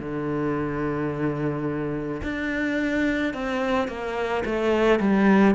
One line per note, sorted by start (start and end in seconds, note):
0.00 2.22 D3
2.23 3.34 D4
3.34 3.89 C4
3.89 4.44 A#3
4.46 5.01 A3
5.01 5.56 G3